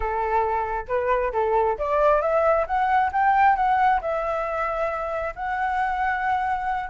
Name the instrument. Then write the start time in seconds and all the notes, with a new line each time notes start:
flute
0.00 A4
0.87 B4
1.33 A4
1.78 D5
2.21 E5
2.66 F#5
3.12 G5
3.56 F#5
4.01 E5
5.35 F#5